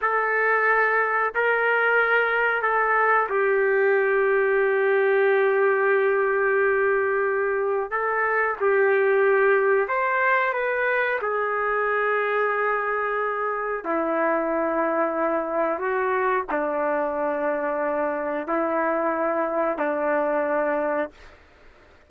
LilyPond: \new Staff \with { instrumentName = "trumpet" } { \time 4/4 \tempo 4 = 91 a'2 ais'2 | a'4 g'2.~ | g'1 | a'4 g'2 c''4 |
b'4 gis'2.~ | gis'4 e'2. | fis'4 d'2. | e'2 d'2 | }